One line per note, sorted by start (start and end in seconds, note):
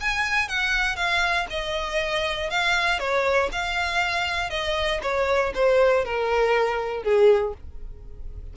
0.00 0.48 G#5
0.48 0.96 F#5
0.96 1.46 F5
1.50 2.50 D#5
2.50 2.99 F5
2.99 3.50 C#5
3.52 4.50 F5
4.50 5.00 D#5
5.02 5.53 C#5
5.54 6.05 C5
6.05 7.03 A#4
7.03 7.54 G#4